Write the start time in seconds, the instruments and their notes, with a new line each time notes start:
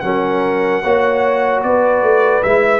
0.00 tuba F#3, trombone C#4, horn A#4, trumpet F#5
0.83 tuba A#3, trombone F#4, horn C#5
1.62 tuba B3, horn B4, trumpet D5
2.02 tuba A3
2.43 tuba G#3, trombone E4, trumpet E5